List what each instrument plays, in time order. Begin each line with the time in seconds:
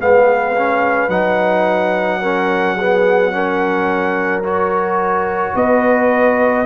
0.00 tuba G#3, trombone B3, horn B4, trumpet F5
0.57 trombone C#4
1.09 tuba F#3, trombone D#4, trumpet F#5
2.21 trombone C#4, horn A#4
2.75 trombone B3, horn G#4
3.32 trombone C#4, horn A#4
4.44 trombone F#4, trumpet C#5
5.55 tuba B3, horn B4, trumpet D#5